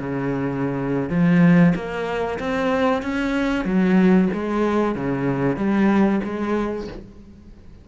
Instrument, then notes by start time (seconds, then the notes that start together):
cello
0.00 C#3
1.10 F3
1.76 A#3
2.40 C4
3.03 C#4
3.65 F#3
4.33 G#3
4.96 C#3
5.57 G3
6.24 G#3